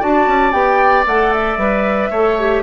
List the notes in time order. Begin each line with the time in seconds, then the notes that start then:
0.00 D4 F#4 D5 A5
0.27 C#4
0.52 B3 G4 G5
1.07 A3 A4 F#5
1.33 E5
1.57 G3 B4
2.11 A3 A4 C#5
2.40 G4